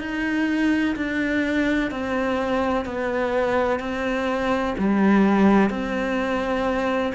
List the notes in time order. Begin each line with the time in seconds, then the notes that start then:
0.00 D#4
0.96 D4
1.90 C4
2.85 B3
3.79 C4
4.78 G3
5.70 C4